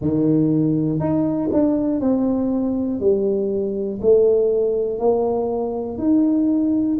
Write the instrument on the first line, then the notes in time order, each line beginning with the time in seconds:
tuba
0.01 D#3
0.99 D#4
1.52 D4
2.00 C4
3.00 G3
4.01 A3
4.99 A#3
5.98 D#4